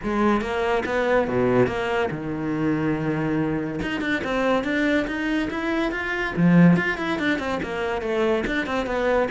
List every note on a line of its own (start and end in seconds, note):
0.03 0.41 G#3
0.41 0.83 A#3
0.85 1.27 B3
1.27 1.67 B2
1.67 2.09 A#3
2.10 3.80 D#3
3.82 4.00 D#4
4.00 4.22 D4
4.24 4.64 C4
4.64 5.06 D4
5.07 5.49 D#4
5.50 5.91 E4
5.91 6.33 F4
6.36 6.76 F3
6.76 6.97 F4
6.97 7.18 E4
7.18 7.38 D4
7.38 7.59 C4
7.62 8.01 A#3
8.01 8.44 A3
8.46 8.66 D4
8.66 8.86 C4
8.86 9.28 B3